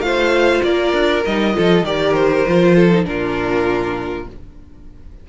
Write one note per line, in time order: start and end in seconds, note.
0.00 0.61 A3
0.00 1.24 F4
0.00 0.65 C5
0.00 0.62 F5
0.63 0.93 A#3
0.63 1.56 A#4
0.63 1.24 D5
0.93 1.23 D4
1.26 1.57 G3
1.26 1.54 D#4
1.26 1.85 D#5
1.54 1.83 F3
1.54 1.84 F4
1.54 1.86 A4
1.83 2.43 D#3
1.83 2.46 G4
1.83 2.76 A#4
1.83 2.14 D5
2.14 3.05 C5
2.48 3.06 F3
2.48 2.92 F4
2.76 3.06 A4
2.92 3.04 D#4
3.04 4.27 A#2
3.04 4.25 D4
3.04 4.29 F4
3.04 4.28 A#4